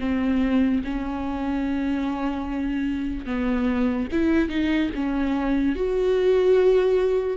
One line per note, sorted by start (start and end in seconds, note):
0.00 0.82 C4
0.84 3.26 C#4
3.26 4.08 B3
4.12 4.49 E4
4.49 4.91 D#4
4.95 5.76 C#4
5.76 7.38 F#4